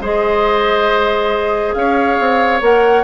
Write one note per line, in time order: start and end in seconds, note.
0.00 1.74 G#3
0.00 2.62 G#4
0.00 1.75 C5
0.00 1.73 D#5
1.73 2.18 C#4
1.73 3.03 C#5
1.73 2.60 F5
2.19 2.61 C4
2.61 3.03 A#3
2.61 3.03 A#4
2.61 3.03 F#5